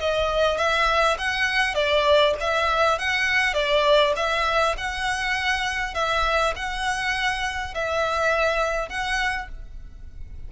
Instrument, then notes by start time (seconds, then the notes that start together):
violin
0.00 D#5
0.58 E5
1.19 F#5
1.75 D5
2.40 E5
2.99 F#5
3.54 D5
4.16 E5
4.78 F#5
5.94 E5
6.56 F#5
7.74 E5
8.89 F#5